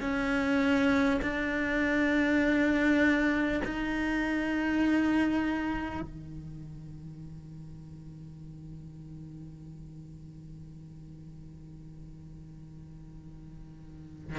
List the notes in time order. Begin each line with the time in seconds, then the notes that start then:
0.00 C#4
1.21 D4
3.64 D#4
6.01 D#3